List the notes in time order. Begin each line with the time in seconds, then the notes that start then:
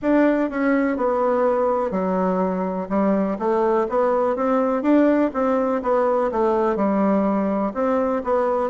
0.02 D4
0.50 C#4
0.96 B3
1.91 F#3
2.89 G3
3.38 A3
3.89 B3
4.35 C4
4.82 D4
5.33 C4
5.82 B3
6.31 A3
6.76 G3
7.74 C4
8.23 B3